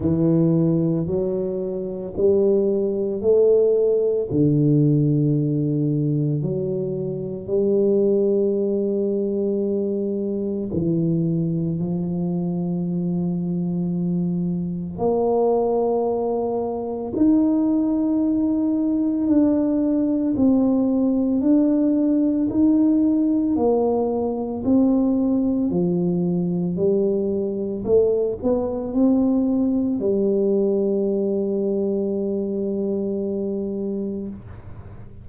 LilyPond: \new Staff \with { instrumentName = "tuba" } { \time 4/4 \tempo 4 = 56 e4 fis4 g4 a4 | d2 fis4 g4~ | g2 e4 f4~ | f2 ais2 |
dis'2 d'4 c'4 | d'4 dis'4 ais4 c'4 | f4 g4 a8 b8 c'4 | g1 | }